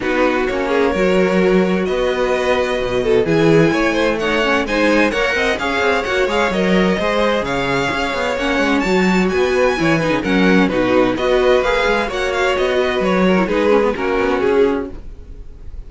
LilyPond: <<
  \new Staff \with { instrumentName = "violin" } { \time 4/4 \tempo 4 = 129 b'4 cis''2. | dis''2. gis''4~ | gis''4 fis''4 gis''4 fis''4 | f''4 fis''8 f''8 dis''2 |
f''2 fis''4 a''4 | gis''2 fis''4 b'4 | dis''4 f''4 fis''8 f''8 dis''4 | cis''4 b'4 ais'4 gis'4 | }
  \new Staff \with { instrumentName = "violin" } { \time 4/4 fis'4. gis'8 ais'2 | b'2~ b'8 a'8 gis'4 | cis''8 c''8 cis''4 c''4 cis''8 dis''8 | cis''2. c''4 |
cis''1 | b'4 cis''8 b'8 ais'4 fis'4 | b'2 cis''4. b'8~ | b'8 ais'8 gis'4 fis'2 | }
  \new Staff \with { instrumentName = "viola" } { \time 4/4 dis'4 cis'4 fis'2~ | fis'2. e'4~ | e'4 dis'8 cis'8 dis'4 ais'4 | gis'4 fis'8 gis'8 ais'4 gis'4~ |
gis'2 cis'4 fis'4~ | fis'4 e'8 dis'8 cis'4 dis'4 | fis'4 gis'4 fis'2~ | fis'8. e'16 dis'8 cis'16 b16 cis'2 | }
  \new Staff \with { instrumentName = "cello" } { \time 4/4 b4 ais4 fis2 | b2 b,4 e4 | a2 gis4 ais8 c'8 | cis'8 c'8 ais8 gis8 fis4 gis4 |
cis4 cis'8 b8 ais8 gis8 fis4 | b4 e8. cis16 fis4 b,4 | b4 ais8 gis8 ais4 b4 | fis4 gis4 ais8 b8 cis'4 | }
>>